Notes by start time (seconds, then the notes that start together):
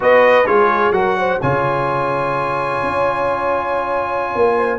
0.00 B3 F#4 B4 D#5
0.46 G#3 F4 G#4 C#5
0.91 F#3 F#4 A#4 F#5
1.19 C5
1.41 C#3 F4 C#5 G#5
2.83 C#4
4.35 A#3
4.57 C5